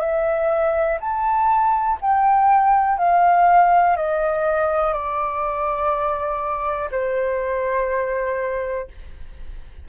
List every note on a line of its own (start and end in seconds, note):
0.00 0.98 E5
1.00 1.99 A5
2.01 2.98 G5
2.98 3.96 F5
3.97 4.93 D#5
4.93 6.90 D5
6.91 8.88 C5